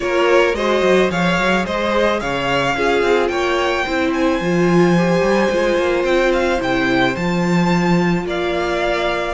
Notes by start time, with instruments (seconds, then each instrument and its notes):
0.00 cello A#3, viola F4, violin A#4 C#5
0.53 cello G#3, viola F#4, violin C5 D#5
0.82 cello F#3
1.10 cello F3, viola G#4, violin C#5 F5
1.38 cello F#3
1.65 cello G#3, violin C5 D#5
2.20 cello C#3, violin C#5 F5
2.75 cello C#4, viola F4, violin G#4
3.02 cello C4
3.27 cello A#3, violin C#5 G5
3.84 cello C4, viola E4, violin C5
4.13 violin G#5
4.40 cello F3, viola F4
4.97 viola G4
5.21 cello G3
5.50 cello G#3, viola F4
5.77 cello A#3
6.03 cello C4, violin G5
6.33 violin F5
6.58 cello C3, viola E4, violin G5
7.15 cello F3, viola F4, violin A5
8.25 cello A#3, violin D5 F5